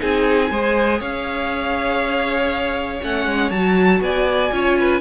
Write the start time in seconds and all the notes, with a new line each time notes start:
0.00 C4 D#4 G#4 G#5
0.51 G#3 G#4 C5
0.99 C#4 C#5 F5
3.02 A3 C#4 F#5
3.26 G#3
3.51 F#3 F#4 A5
4.01 B3 D5 G#5
4.52 C#4 F4 C#5
4.79 B4